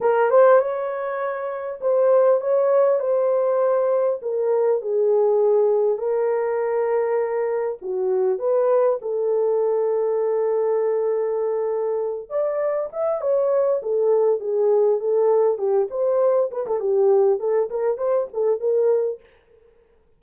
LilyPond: \new Staff \with { instrumentName = "horn" } { \time 4/4 \tempo 4 = 100 ais'8 c''8 cis''2 c''4 | cis''4 c''2 ais'4 | gis'2 ais'2~ | ais'4 fis'4 b'4 a'4~ |
a'1~ | a'8 d''4 e''8 cis''4 a'4 | gis'4 a'4 g'8 c''4 b'16 a'16 | g'4 a'8 ais'8 c''8 a'8 ais'4 | }